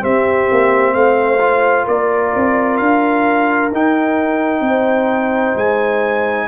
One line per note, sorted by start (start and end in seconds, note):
0.00 1.38 C4
0.00 0.50 C4
0.00 0.94 G4
0.00 0.94 E5
0.51 0.95 A#3
0.94 1.87 A3
0.94 1.85 C5
0.94 1.86 F5
1.40 3.71 F4
1.85 2.34 A#3
1.85 4.62 A#4
1.85 2.77 D5
2.35 2.80 C4
2.77 3.72 D4
2.77 3.70 F5
3.72 4.61 D#4
3.72 6.48 D#4
3.72 5.57 G5
4.61 5.53 C4
4.67 6.48 C5
5.55 6.48 G#3
5.55 6.48 G#5